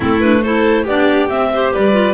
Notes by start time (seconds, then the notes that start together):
0.00 A3 C4 E4 A4
0.20 D4 B4
0.42 E4 A4 C5
0.83 B3 D4 G4 D5
1.29 C4 E5
1.53 G4 C5
1.73 G3 B4 D5
1.92 F4